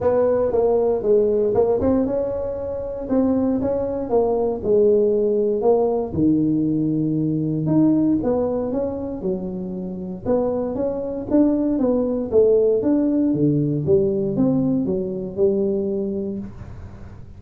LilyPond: \new Staff \with { instrumentName = "tuba" } { \time 4/4 \tempo 4 = 117 b4 ais4 gis4 ais8 c'8 | cis'2 c'4 cis'4 | ais4 gis2 ais4 | dis2. dis'4 |
b4 cis'4 fis2 | b4 cis'4 d'4 b4 | a4 d'4 d4 g4 | c'4 fis4 g2 | }